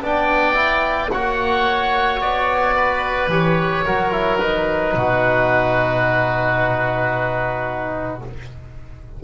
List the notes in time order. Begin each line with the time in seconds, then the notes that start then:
0.00 B3 D4 D5
0.06 G5
0.54 E4
1.11 A#3 F#4 C#5 F#5
2.21 B3 D5
2.76 B4
3.27 E3 G4 C#5
3.85 F#3 F#4 A#4
4.12 E4
4.39 D#4 B4
4.95 B2 F#4